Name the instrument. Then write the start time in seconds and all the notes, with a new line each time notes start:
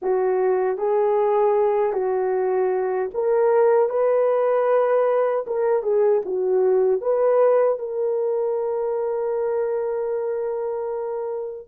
horn
0.01 F#4
0.77 G#4
1.93 F#4
3.14 A#4
3.89 B4
5.46 A#4
5.82 G#4
6.25 F#4
7.01 B4
7.79 A#4